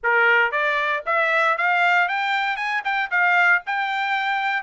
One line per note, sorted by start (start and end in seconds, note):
0.03 0.51 A#4
0.51 1.03 D5
1.06 1.57 E5
1.57 2.08 F5
2.08 2.56 G5
2.56 2.82 G#5
2.84 3.10 G5
3.10 3.62 F5
3.66 4.62 G5